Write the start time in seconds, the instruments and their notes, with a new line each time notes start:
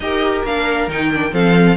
0.00 cello D#4, viola G4, violin A#4 D#5
0.44 cello A#3, viola D4, violin F5
0.87 cello D#3, viola D#4, violin G5
1.14 viola D4
1.31 cello F3, viola C4, violin A4 F5